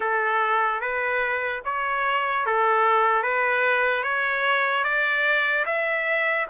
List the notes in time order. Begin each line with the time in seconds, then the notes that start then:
0.00 A4
0.81 B4
1.64 C#5
2.45 A4
3.22 B4
4.03 C#5
4.84 D5
5.65 E5